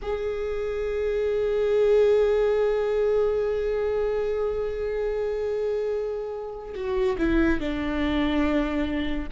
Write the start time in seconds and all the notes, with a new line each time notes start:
0.02 G#4
6.74 F#4
7.18 E4
7.59 D4